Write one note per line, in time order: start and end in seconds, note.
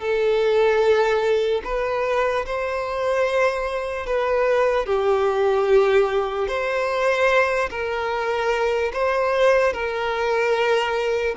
0.00 1.62 A4
1.65 2.46 B4
2.46 4.07 C5
4.07 4.86 B4
4.86 6.48 G4
6.48 7.70 C5
7.71 8.92 A#4
8.93 9.73 C5
9.73 11.36 A#4